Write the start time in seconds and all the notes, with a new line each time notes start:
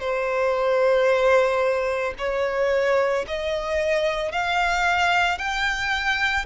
0.00 C5
2.19 C#5
3.28 D#5
4.32 F5
5.39 G5